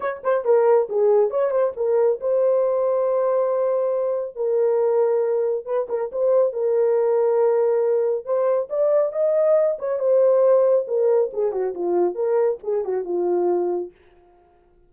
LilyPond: \new Staff \with { instrumentName = "horn" } { \time 4/4 \tempo 4 = 138 cis''8 c''8 ais'4 gis'4 cis''8 c''8 | ais'4 c''2.~ | c''2 ais'2~ | ais'4 b'8 ais'8 c''4 ais'4~ |
ais'2. c''4 | d''4 dis''4. cis''8 c''4~ | c''4 ais'4 gis'8 fis'8 f'4 | ais'4 gis'8 fis'8 f'2 | }